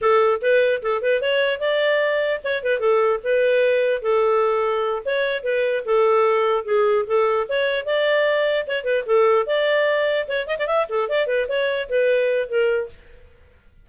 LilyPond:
\new Staff \with { instrumentName = "clarinet" } { \time 4/4 \tempo 4 = 149 a'4 b'4 a'8 b'8 cis''4 | d''2 cis''8 b'8 a'4 | b'2 a'2~ | a'8 cis''4 b'4 a'4.~ |
a'8 gis'4 a'4 cis''4 d''8~ | d''4. cis''8 b'8 a'4 d''8~ | d''4. cis''8 dis''16 d''16 e''8 a'8 d''8 | b'8 cis''4 b'4. ais'4 | }